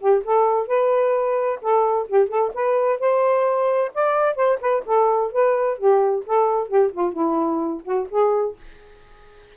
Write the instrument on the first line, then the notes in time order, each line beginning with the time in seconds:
saxophone
0.00 G4
0.25 A4
0.68 B4
1.62 A4
2.08 G4
2.29 A4
2.54 B4
3.00 C5
3.95 D5
4.36 C5
4.61 B4
4.86 A4
5.32 B4
5.78 G4
6.26 A4
6.68 G4
6.92 F4
7.13 E4
7.84 F#4
8.10 G#4